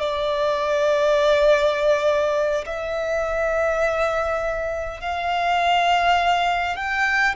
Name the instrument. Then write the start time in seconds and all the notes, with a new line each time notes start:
violin
0.00 D5
2.65 E5
5.01 F5
6.76 G5